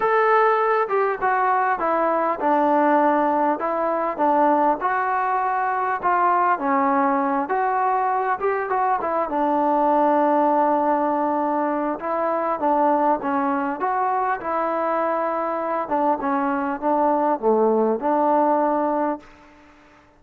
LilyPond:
\new Staff \with { instrumentName = "trombone" } { \time 4/4 \tempo 4 = 100 a'4. g'8 fis'4 e'4 | d'2 e'4 d'4 | fis'2 f'4 cis'4~ | cis'8 fis'4. g'8 fis'8 e'8 d'8~ |
d'1 | e'4 d'4 cis'4 fis'4 | e'2~ e'8 d'8 cis'4 | d'4 a4 d'2 | }